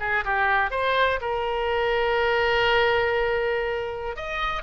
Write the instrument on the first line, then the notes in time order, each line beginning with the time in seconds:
oboe
0.00 G#4
0.25 G4
0.71 C5
1.21 A#4
4.16 D#5